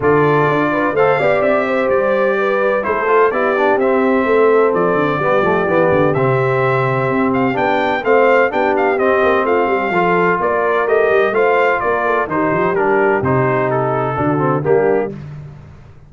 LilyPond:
<<
  \new Staff \with { instrumentName = "trumpet" } { \time 4/4 \tempo 4 = 127 d''2 f''4 e''4 | d''2 c''4 d''4 | e''2 d''2~ | d''4 e''2~ e''8 f''8 |
g''4 f''4 g''8 f''8 dis''4 | f''2 d''4 dis''4 | f''4 d''4 c''4 ais'4 | c''4 a'2 g'4 | }
  \new Staff \with { instrumentName = "horn" } { \time 4/4 a'4. b'8 c''8 d''4 c''8~ | c''4 b'4 a'4 g'4~ | g'4 a'2 g'4~ | g'1~ |
g'4 c''4 g'2 | f'8 g'8 a'4 ais'2 | c''4 ais'8 a'8 g'2~ | g'2 fis'4 d'4 | }
  \new Staff \with { instrumentName = "trombone" } { \time 4/4 f'2 a'8 g'4.~ | g'2 e'8 f'8 e'8 d'8 | c'2. b8 a8 | b4 c'2. |
d'4 c'4 d'4 c'4~ | c'4 f'2 g'4 | f'2 dis'4 d'4 | dis'2 d'8 c'8 ais4 | }
  \new Staff \with { instrumentName = "tuba" } { \time 4/4 d4 d'4 a8 b8 c'4 | g2 a4 b4 | c'4 a4 f8 d8 g8 f8 | e8 d8 c2 c'4 |
b4 a4 b4 c'8 ais8 | a8 g8 f4 ais4 a8 g8 | a4 ais4 dis8 f8 g4 | c2 d4 g4 | }
>>